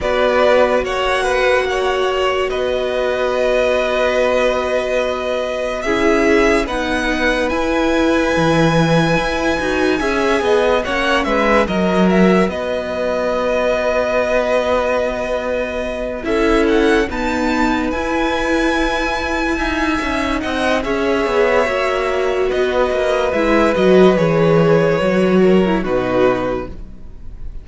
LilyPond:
<<
  \new Staff \with { instrumentName = "violin" } { \time 4/4 \tempo 4 = 72 d''4 fis''2 dis''4~ | dis''2. e''4 | fis''4 gis''2.~ | gis''4 fis''8 e''8 dis''8 e''8 dis''4~ |
dis''2.~ dis''8 e''8 | fis''8 a''4 gis''2~ gis''8~ | gis''8 fis''8 e''2 dis''4 | e''8 dis''8 cis''2 b'4 | }
  \new Staff \with { instrumentName = "violin" } { \time 4/4 b'4 cis''8 b'8 cis''4 b'4~ | b'2. gis'4 | b'1 | e''8 dis''8 cis''8 b'8 ais'4 b'4~ |
b'2.~ b'8 a'8~ | a'8 b'2. e''8~ | e''8 dis''8 cis''2 b'4~ | b'2~ b'8 ais'8 fis'4 | }
  \new Staff \with { instrumentName = "viola" } { \time 4/4 fis'1~ | fis'2. e'4 | dis'4 e'2~ e'8 fis'8 | gis'4 cis'4 fis'2~ |
fis'2.~ fis'8 e'8~ | e'8 b4 e'2~ e'8 | dis'4 gis'4 fis'2 | e'8 fis'8 gis'4 fis'8. e'16 dis'4 | }
  \new Staff \with { instrumentName = "cello" } { \time 4/4 b4 ais2 b4~ | b2. cis'4 | b4 e'4 e4 e'8 dis'8 | cis'8 b8 ais8 gis8 fis4 b4~ |
b2.~ b8 cis'8~ | cis'8 dis'4 e'2 dis'8 | cis'8 c'8 cis'8 b8 ais4 b8 ais8 | gis8 fis8 e4 fis4 b,4 | }
>>